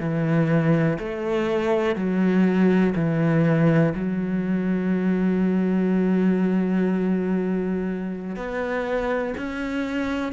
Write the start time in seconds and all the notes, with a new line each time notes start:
0.00 E3
0.99 A3
1.96 F#3
2.96 E3
3.95 F#3
8.36 B3
9.38 C#4